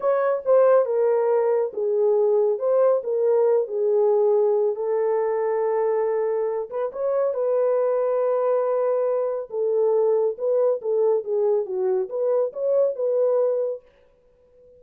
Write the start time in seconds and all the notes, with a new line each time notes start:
0.00 C#5
0.45 C5
0.85 A#4
1.73 G#4
2.58 C5
3.03 A#4
3.67 G#4
4.75 A4
6.69 B4
6.92 C#5
7.34 B4
9.50 A4
10.37 B4
10.81 A4
11.24 G#4
11.65 F#4
12.09 B4
12.52 C#5
12.95 B4